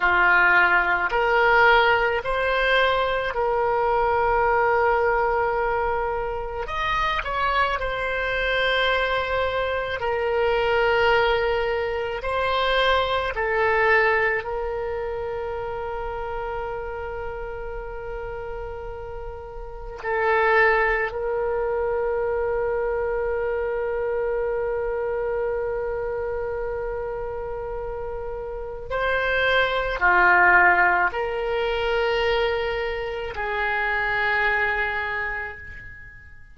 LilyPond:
\new Staff \with { instrumentName = "oboe" } { \time 4/4 \tempo 4 = 54 f'4 ais'4 c''4 ais'4~ | ais'2 dis''8 cis''8 c''4~ | c''4 ais'2 c''4 | a'4 ais'2.~ |
ais'2 a'4 ais'4~ | ais'1~ | ais'2 c''4 f'4 | ais'2 gis'2 | }